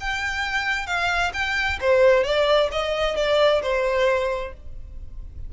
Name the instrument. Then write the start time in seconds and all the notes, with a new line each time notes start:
violin
0.00 G5
0.86 F5
1.33 G5
1.80 C5
2.24 D5
2.71 D#5
3.16 D5
3.62 C5